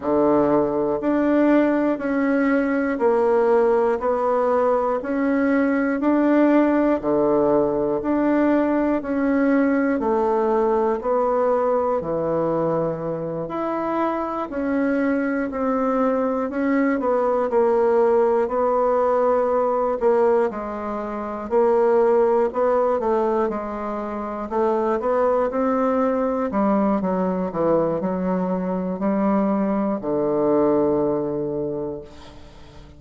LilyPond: \new Staff \with { instrumentName = "bassoon" } { \time 4/4 \tempo 4 = 60 d4 d'4 cis'4 ais4 | b4 cis'4 d'4 d4 | d'4 cis'4 a4 b4 | e4. e'4 cis'4 c'8~ |
c'8 cis'8 b8 ais4 b4. | ais8 gis4 ais4 b8 a8 gis8~ | gis8 a8 b8 c'4 g8 fis8 e8 | fis4 g4 d2 | }